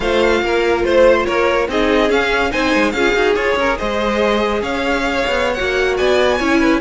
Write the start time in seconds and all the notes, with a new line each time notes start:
0.00 A3 F4 C5 F5
0.42 A#3 A#4
0.84 A3 C5
1.25 A#3 A#4 C#5
1.68 C4 D#4 G#4 D#5
2.08 C#4 F5
2.51 C4 D#4 C5 G#5
2.74 G#3
2.91 C#4 F4 G#4 F5
3.13 D#4 F#4
3.34 F4 G#4 C#5
3.55 C#4 A#4
3.78 G#3 C5 D#5
4.61 C#4 C#5 F5
5.26 B3
5.53 F#4 F#5
5.60 A#3
5.96 B3 D5 G#5
6.37 C#4 E4 C#5
6.59 B4